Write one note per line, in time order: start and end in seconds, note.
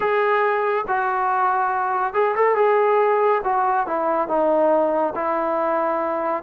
0.00 0.85 G#4
0.87 2.13 F#4
2.13 2.35 G#4
2.35 2.55 A4
2.55 3.41 G#4
3.44 3.86 F#4
3.86 4.27 E4
4.27 5.13 D#4
5.15 6.43 E4